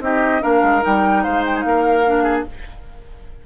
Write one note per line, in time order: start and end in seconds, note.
0.00 0.41 C4
0.00 0.40 D#4
0.00 0.42 G4
0.00 0.43 D#5
0.40 0.62 A#3
0.40 0.81 D4
0.40 1.23 A#4
0.40 0.84 F5
0.62 0.83 G#3
0.81 1.26 G3
0.81 2.04 D#4
0.81 1.23 G5
1.23 1.64 G#3
1.23 1.64 C5
1.23 1.44 F5
1.46 1.56 G5
1.56 2.42 F5
1.56 1.61 G#5
1.64 2.46 A#3
1.64 2.23 A#4
2.05 2.46 D4
2.23 2.44 G#4